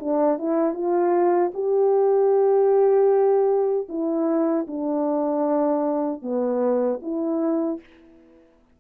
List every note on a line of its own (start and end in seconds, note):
0.00 0.39 D4
0.39 0.74 E4
0.74 1.52 F4
1.54 3.88 G4
3.89 4.67 E4
4.68 6.22 D4
6.22 7.00 B3
7.02 7.80 E4